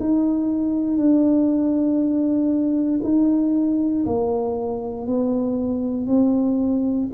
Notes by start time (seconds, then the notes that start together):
0.00 D#4
0.97 D4
3.04 D#4
4.05 A#3
5.07 B3
6.07 C4